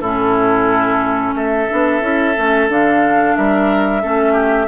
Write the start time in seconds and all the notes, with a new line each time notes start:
0.00 A2 C#4 E4 A4
1.34 A3 A4 E5
1.69 B3 D4
2.01 C#4 E4
2.35 A3 C#4
2.68 D3 D4 F5
3.36 G3 A#4 E5
4.01 A3 C#4 A4
4.32 G4